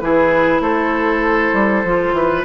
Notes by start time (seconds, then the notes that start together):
0.00 E3 E4 G#4 B4
0.60 A3 A4 C5
1.53 G3
1.84 F3 F4
2.13 E3 B4